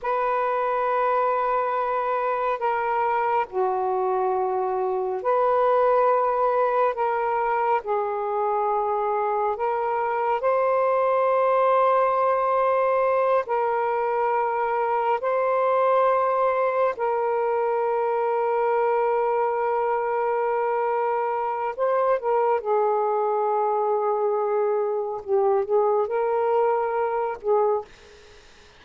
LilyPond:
\new Staff \with { instrumentName = "saxophone" } { \time 4/4 \tempo 4 = 69 b'2. ais'4 | fis'2 b'2 | ais'4 gis'2 ais'4 | c''2.~ c''8 ais'8~ |
ais'4. c''2 ais'8~ | ais'1~ | ais'4 c''8 ais'8 gis'2~ | gis'4 g'8 gis'8 ais'4. gis'8 | }